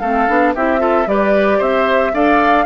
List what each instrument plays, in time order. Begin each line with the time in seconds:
0.00 bassoon A3, clarinet C4, oboe A4, flute F5
0.28 bassoon B3, clarinet D4
0.55 bassoon C4, clarinet E4, oboe G4, flute E5
0.79 clarinet F4, oboe A4
1.07 bassoon G3, clarinet G4, oboe B4, flute D5
1.58 bassoon C4, oboe C5, flute E5
2.14 bassoon D4, clarinet A4, oboe D5, flute F5